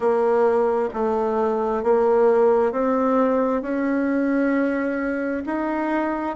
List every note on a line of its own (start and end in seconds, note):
0.00 0.88 A#3
0.93 1.83 A3
1.83 2.71 A#3
2.71 3.62 C4
3.62 5.43 C#4
5.45 6.36 D#4